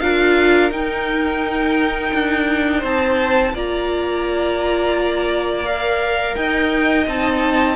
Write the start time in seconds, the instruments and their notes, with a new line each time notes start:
0.00 cello D4, viola F4, violin A#4 F5
0.71 cello D#4, viola D#4, violin G5
2.14 cello D4
2.79 cello C4, violin C5 A5
3.53 cello A#3, viola F4, violin D5 A#5
5.65 viola A#4, violin F5
6.36 cello D#4, violin D#5 G5
7.07 cello C4, viola D#4, violin A5